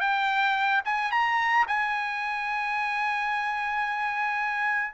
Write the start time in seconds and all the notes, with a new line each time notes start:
0.00 G5
0.85 G#5
1.12 A#5
1.67 G#5